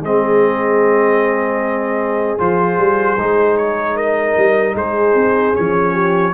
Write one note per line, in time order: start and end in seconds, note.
0.00 2.38 G#3
0.00 2.39 C4
0.00 3.95 G#4
0.00 2.39 D#5
2.39 2.78 F3
2.39 3.18 F4
2.39 3.57 C5
2.78 3.17 G3
3.18 4.36 G#3
3.18 5.54 D#4
3.57 3.97 C#5
3.95 4.74 A#4
3.95 4.76 D#5
4.37 4.75 G3
4.74 5.14 G#3
4.74 5.93 G#4
4.74 5.56 C5
5.14 5.54 C4
5.54 6.34 F3
5.54 6.33 C#4
5.54 6.34 C#5
5.93 6.32 G4